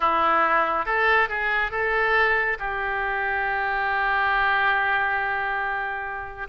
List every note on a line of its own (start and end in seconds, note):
0.00 0.85 E4
0.85 1.28 A4
1.28 1.71 G#4
1.71 2.57 A4
2.59 6.47 G4